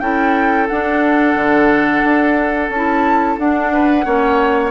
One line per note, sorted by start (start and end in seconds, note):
0.00 0.68 C#4
0.00 0.69 E4
0.00 3.73 A4
0.00 0.67 G5
0.68 2.72 D4
0.68 1.35 D4
0.68 2.71 F#5
1.35 2.03 D3
2.04 2.70 D4
2.70 3.37 C#4
2.70 3.38 E4
2.70 3.38 A5
3.38 4.04 D4
3.38 4.06 D4
3.38 4.71 F#5
3.73 4.05 B4
4.04 4.71 A#3
4.04 4.71 C#4
4.04 4.71 C#5